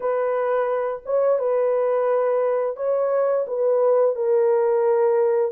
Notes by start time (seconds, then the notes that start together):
0.00 B4
1.05 C#5
1.38 B4
2.76 C#5
3.47 B4
4.15 A#4